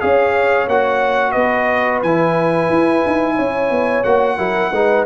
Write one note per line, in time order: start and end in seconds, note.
0.00 0.67 C#4
0.00 0.67 G#4
0.00 1.32 C#5
0.00 0.67 F5
0.67 1.35 A#3
0.67 2.04 F#4
0.67 1.31 F#5
1.31 2.02 B3
1.31 3.34 B4
1.31 1.99 D#5
2.02 2.69 E3
2.02 4.04 E4
2.02 4.03 G#5
2.69 3.03 E4
3.06 3.38 D#4
3.35 3.70 C#4
3.35 4.37 C#5
3.70 4.04 B3
4.03 4.38 A#3
4.03 4.37 F#4
4.03 5.04 F#5
4.37 4.71 F#3
4.37 4.71 E4
4.37 4.71 A#4
4.71 5.05 G#3
4.71 5.05 D#4
4.71 5.05 B4